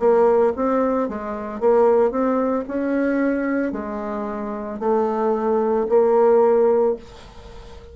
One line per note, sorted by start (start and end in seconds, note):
0.00 0.54 A#3
0.56 1.09 C4
1.09 1.61 G#3
1.61 2.12 A#3
2.12 2.65 C4
2.68 3.73 C#4
3.73 4.80 G#3
4.80 5.87 A3
5.89 6.96 A#3